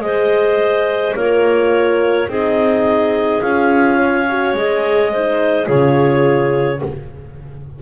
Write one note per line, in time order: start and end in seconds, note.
0.00 1.13 G#3
0.00 1.15 G#4
0.00 1.14 C5
0.00 1.14 D#5
1.14 2.27 A#3
1.14 2.29 F4
1.14 2.28 A#4
1.14 2.29 C#5
2.27 3.41 C4
2.27 3.41 D#4
2.27 3.98 G#4
2.27 3.41 D#5
3.41 4.53 C#4
3.41 4.26 F4
3.41 4.54 F5
3.98 5.11 C#5
4.29 4.56 F#4
4.53 5.66 G#3
4.53 5.13 G#4
4.53 5.67 D#5
5.12 5.65 D#4
5.12 5.65 C5
5.65 6.81 C#3
5.65 6.78 F4
5.65 6.79 G#4
5.65 6.81 C#5